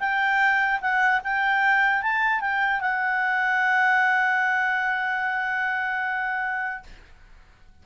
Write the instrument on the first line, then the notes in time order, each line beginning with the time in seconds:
clarinet
0.00 G5
0.81 F#5
1.24 G5
2.03 A5
2.41 G5
2.81 F#5